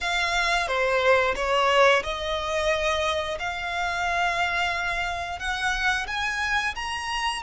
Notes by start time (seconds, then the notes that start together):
0.01 F5
0.67 C5
1.35 C#5
2.03 D#5
3.39 F5
5.39 F#5
6.07 G#5
6.75 A#5